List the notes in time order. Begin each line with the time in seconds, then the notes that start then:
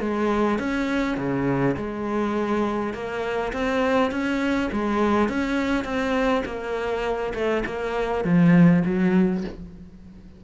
0.00 G#3
0.59 C#4
1.17 C#3
1.77 G#3
2.94 A#3
3.53 C4
4.11 C#4
4.72 G#3
5.29 C#4
5.84 C4
6.45 A#3
7.34 A3
7.66 A#3
8.25 F3
8.86 F#3